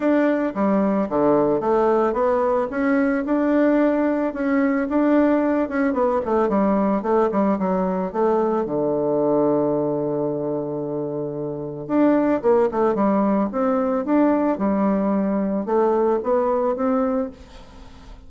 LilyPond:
\new Staff \with { instrumentName = "bassoon" } { \time 4/4 \tempo 4 = 111 d'4 g4 d4 a4 | b4 cis'4 d'2 | cis'4 d'4. cis'8 b8 a8 | g4 a8 g8 fis4 a4 |
d1~ | d2 d'4 ais8 a8 | g4 c'4 d'4 g4~ | g4 a4 b4 c'4 | }